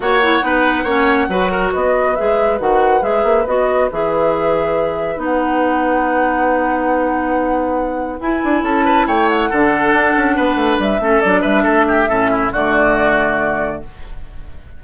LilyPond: <<
  \new Staff \with { instrumentName = "flute" } { \time 4/4 \tempo 4 = 139 fis''1 | dis''4 e''4 fis''4 e''4 | dis''4 e''2. | fis''1~ |
fis''2. gis''4 | a''4 g''8 fis''2~ fis''8~ | fis''4 e''4 d''8 e''4.~ | e''4 d''2. | }
  \new Staff \with { instrumentName = "oboe" } { \time 4/4 cis''4 b'4 cis''4 b'8 ais'8 | b'1~ | b'1~ | b'1~ |
b'1 | a'8 b'8 cis''4 a'2 | b'4. a'4 b'8 a'8 g'8 | a'8 e'8 fis'2. | }
  \new Staff \with { instrumentName = "clarinet" } { \time 4/4 fis'8 e'8 dis'4 cis'4 fis'4~ | fis'4 gis'4 fis'4 gis'4 | fis'4 gis'2. | dis'1~ |
dis'2. e'4~ | e'2 d'2~ | d'4. cis'8 d'2 | cis'4 a2. | }
  \new Staff \with { instrumentName = "bassoon" } { \time 4/4 ais4 b4 ais4 fis4 | b4 gis4 dis4 gis8 ais8 | b4 e2. | b1~ |
b2. e'8 d'8 | cis'4 a4 d4 d'8 cis'8 | b8 a8 g8 a8 fis8 g8 a4 | a,4 d2. | }
>>